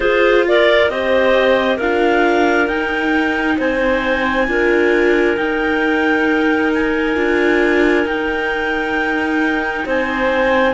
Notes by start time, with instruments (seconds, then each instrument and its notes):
0.00 viola F4, cello F4, clarinet G#4 C5
0.47 clarinet A#4 D5
0.89 cello C4, viola G4, clarinet C5 D#5
1.76 cello D4, viola F4, clarinet A#4 F5
2.67 cello D#4, viola D#4, clarinet G5
3.56 cello C4, clarinet C5 G#5
4.47 cello D4, viola F4, clarinet A#4
5.36 viola D#4, cello D#4, clarinet G5
6.74 clarinet G#5
7.15 cello D4, viola F4
8.05 cello D#4, viola D#4, clarinet G5
9.85 cello C4, clarinet C5 G#5